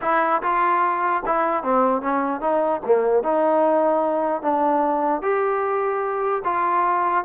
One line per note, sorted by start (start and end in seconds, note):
0.01 0.42 E4
0.42 1.23 F4
1.25 1.63 E4
1.63 2.01 C4
2.01 2.40 C#4
2.40 2.81 D#4
2.85 3.23 A#3
3.23 4.42 D#4
4.42 5.21 D4
5.21 6.42 G4
6.44 7.24 F4